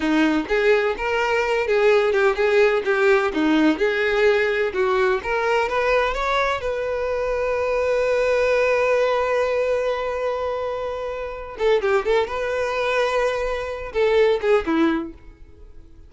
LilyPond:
\new Staff \with { instrumentName = "violin" } { \time 4/4 \tempo 4 = 127 dis'4 gis'4 ais'4. gis'8~ | gis'8 g'8 gis'4 g'4 dis'4 | gis'2 fis'4 ais'4 | b'4 cis''4 b'2~ |
b'1~ | b'1~ | b'8 a'8 g'8 a'8 b'2~ | b'4. a'4 gis'8 e'4 | }